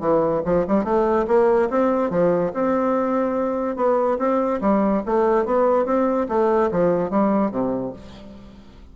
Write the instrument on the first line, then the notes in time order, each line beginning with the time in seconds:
bassoon
0.00 E3
0.45 F3
0.67 G3
0.84 A3
1.27 A#3
1.70 C4
2.10 F3
2.54 C4
3.76 B3
4.18 C4
4.61 G3
5.06 A3
5.45 B3
5.85 C4
6.28 A3
6.71 F3
7.10 G3
7.51 C3